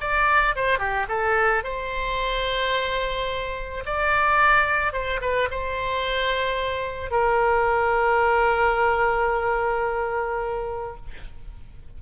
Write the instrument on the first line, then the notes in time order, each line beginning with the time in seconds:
oboe
0.00 D5
0.56 C5
0.79 G4
1.08 A4
1.63 C5
3.85 D5
4.93 C5
5.21 B4
5.50 C5
7.11 A#4